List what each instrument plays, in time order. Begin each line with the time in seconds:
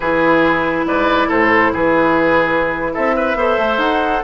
0.00 bassoon E3, clarinet E4, oboe G#4, flute B4
0.85 bassoon G#2, oboe B4, flute D5
1.28 bassoon A2, oboe A4, flute C5
1.72 bassoon E3, oboe G#4, flute B4
2.93 bassoon C4, oboe A4, flute E5
3.15 oboe B4
3.35 bassoon B3, clarinet A4, oboe C5
3.58 bassoon A3
3.78 bassoon D#4, flute F#5